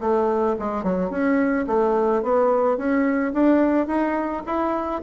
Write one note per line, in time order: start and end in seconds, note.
0.00 0.56 A3
0.59 0.83 G#3
0.83 1.10 F#3
1.10 1.66 C#4
1.67 2.22 A3
2.22 2.77 B3
2.77 3.33 C#4
3.33 3.87 D4
3.87 4.42 D#4
4.46 5.02 E4